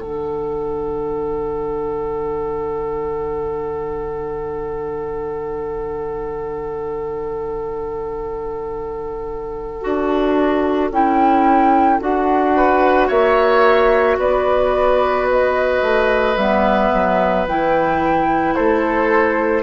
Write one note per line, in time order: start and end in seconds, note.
0.00 9.82 D3
0.00 9.81 D4
0.00 12.55 A4
0.00 10.92 F#5
9.81 10.91 D4
9.81 10.90 F#4
10.91 12.00 C#4
10.91 12.00 E4
10.91 12.01 G5
12.00 13.10 D4
12.00 16.36 F#4
12.00 13.09 F#5
12.57 13.07 B4
13.07 14.18 A#3
13.07 14.17 C#5
13.07 14.18 E5
14.18 15.81 B3
14.18 18.55 B4
14.18 15.29 D5
15.31 16.37 D#5
15.82 16.36 A3
16.36 16.91 G3
16.36 17.48 B3
16.36 17.46 E5
16.93 17.47 F#3
17.47 18.56 E3
17.47 19.63 E4
17.47 18.55 G5
18.55 19.63 A3
18.55 19.63 A4
18.55 19.63 C5